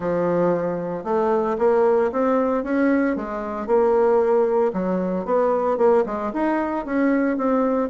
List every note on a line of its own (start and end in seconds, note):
0.00 1.04 F3
1.04 1.56 A3
1.58 2.11 A#3
2.11 2.63 C4
2.63 3.16 C#4
3.16 3.66 G#3
3.66 4.72 A#3
4.73 5.25 F#3
5.25 5.77 B3
5.77 6.04 A#3
6.06 6.32 G#3
6.33 6.85 D#4
6.85 7.37 C#4
7.37 7.89 C4